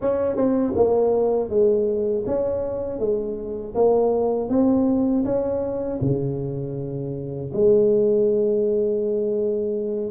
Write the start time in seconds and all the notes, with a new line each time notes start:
0.01 C#4
0.36 C4
0.75 A#3
1.49 G#3
2.26 C#4
2.99 G#3
3.74 A#3
4.49 C4
5.24 C#4
6.01 C#3
7.53 G#3